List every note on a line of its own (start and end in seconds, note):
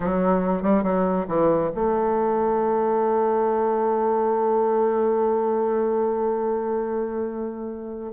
0.00 0.62 F#3
0.62 0.83 G3
0.83 1.26 F#3
1.27 1.70 E3
1.74 8.12 A3